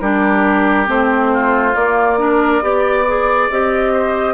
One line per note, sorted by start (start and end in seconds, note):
0.00 0.87 G3
0.00 0.86 D4
0.00 1.32 G4
0.00 0.87 A#4
0.86 1.74 A3
0.86 1.72 C4
0.86 1.75 C5
1.32 2.19 F4
1.75 2.62 A#3
1.75 2.18 A#3
1.75 3.49 D5
2.18 2.61 D4
2.18 2.63 A#4
2.61 3.49 B3
2.61 3.05 G4
2.61 3.92 D5
3.07 3.51 G#4
3.50 4.34 C4
3.50 4.34 G4
3.50 4.34 D#5
3.92 4.34 C5